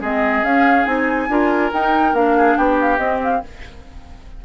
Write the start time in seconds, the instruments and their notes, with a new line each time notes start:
0.00 bassoon G#3, clarinet C4, oboe G#4, flute D#5
0.43 bassoon C#4, clarinet C#4, flute F5
0.86 bassoon C4, clarinet D#4, flute G#5
1.28 bassoon D4, clarinet F4, oboe A#4
1.73 bassoon D#4, clarinet D#4, flute G5
2.13 bassoon A#3, clarinet D4, flute F5
2.37 oboe G#4
2.57 bassoon B3, oboe G4, flute G5
2.81 flute F5
2.98 bassoon C4, clarinet C4, flute D#5
3.23 flute F5